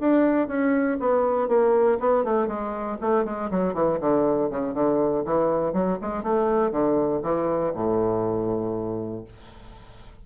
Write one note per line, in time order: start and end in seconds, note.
0.00 0.47 D4
0.47 0.97 C#4
0.99 1.48 B3
1.48 1.98 A#3
1.99 2.24 B3
2.24 2.47 A3
2.47 2.97 G#3
3.00 3.24 A3
3.24 3.49 G#3
3.50 3.73 F#3
3.73 3.98 E3
4.00 4.50 D3
4.50 4.73 C#3
4.73 5.23 D3
5.25 5.73 E3
5.73 5.98 F#3
6.01 6.22 G#3
6.22 6.71 A3
6.71 7.21 D3
7.22 7.72 E3
7.74 9.24 A2